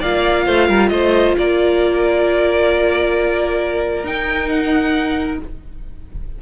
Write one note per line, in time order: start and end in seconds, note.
0.00 0.47 A#3
0.00 4.05 F4
0.00 0.45 D5
0.00 0.89 F5
0.45 0.69 A3
0.45 0.67 C5
0.67 0.91 G3
0.67 0.90 A#4
0.89 1.35 A3
0.89 1.37 C5
0.89 1.33 D#5
1.38 4.04 A#3
1.38 5.42 A#4
1.38 4.06 D5
4.04 5.38 D#4
4.04 5.39 D#4
4.04 4.49 G5
4.49 5.39 F#5